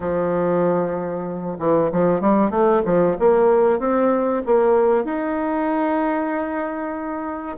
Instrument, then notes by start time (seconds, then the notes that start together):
bassoon
0.00 F3
1.58 E3
1.91 F3
2.20 G3
2.50 A3
2.85 F3
3.19 A#3
3.79 C4
4.46 A#3
5.04 D#4